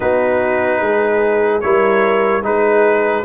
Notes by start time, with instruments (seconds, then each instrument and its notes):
0.00 tuba B3, trombone D#4, horn F#4, trumpet B4
0.79 tuba G#3, horn G#4
1.60 tuba G3, trombone E4, horn A#4, trumpet C#5
2.42 tuba G#3, trombone D#4, horn G#4, trumpet B4